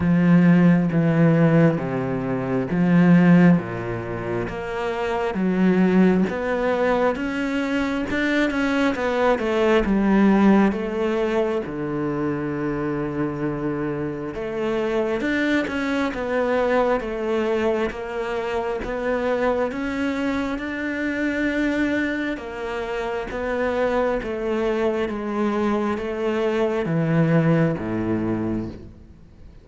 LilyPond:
\new Staff \with { instrumentName = "cello" } { \time 4/4 \tempo 4 = 67 f4 e4 c4 f4 | ais,4 ais4 fis4 b4 | cis'4 d'8 cis'8 b8 a8 g4 | a4 d2. |
a4 d'8 cis'8 b4 a4 | ais4 b4 cis'4 d'4~ | d'4 ais4 b4 a4 | gis4 a4 e4 a,4 | }